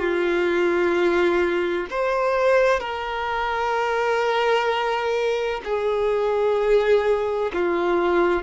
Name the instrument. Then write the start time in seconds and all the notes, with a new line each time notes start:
violin
0.00 F4
1.90 C5
2.80 A#4
5.65 G#4
7.54 F4